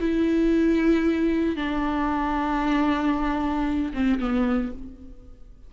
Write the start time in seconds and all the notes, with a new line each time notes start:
0.00 E4
1.56 D4
3.94 C4
4.20 B3